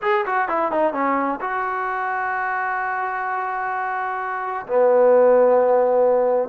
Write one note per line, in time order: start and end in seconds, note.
0.01 0.25 G#4
0.26 0.48 F#4
0.48 0.71 E4
0.71 0.93 D#4
0.93 1.39 C#4
1.40 4.66 F#4
4.66 6.49 B3